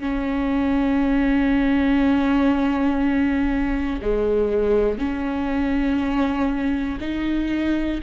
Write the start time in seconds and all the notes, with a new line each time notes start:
0.00 C#4
4.01 G#3
4.98 C#4
7.00 D#4